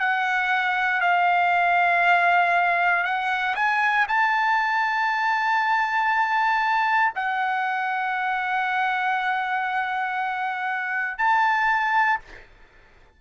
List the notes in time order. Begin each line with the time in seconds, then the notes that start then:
0.00 F#5
1.01 F5
3.04 F#5
3.55 G#5
4.08 A5
7.16 F#5
11.18 A5